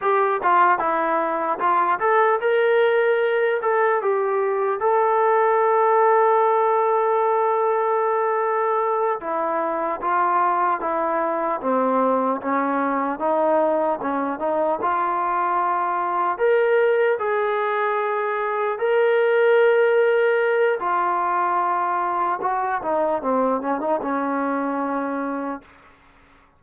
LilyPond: \new Staff \with { instrumentName = "trombone" } { \time 4/4 \tempo 4 = 75 g'8 f'8 e'4 f'8 a'8 ais'4~ | ais'8 a'8 g'4 a'2~ | a'2.~ a'8 e'8~ | e'8 f'4 e'4 c'4 cis'8~ |
cis'8 dis'4 cis'8 dis'8 f'4.~ | f'8 ais'4 gis'2 ais'8~ | ais'2 f'2 | fis'8 dis'8 c'8 cis'16 dis'16 cis'2 | }